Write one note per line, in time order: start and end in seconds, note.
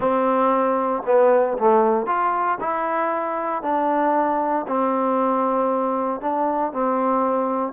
0.00 1.03 C4
1.06 1.57 B3
1.58 2.06 A3
2.06 2.58 F4
2.60 3.62 E4
3.62 4.66 D4
4.67 6.20 C4
6.20 6.72 D4
6.72 7.73 C4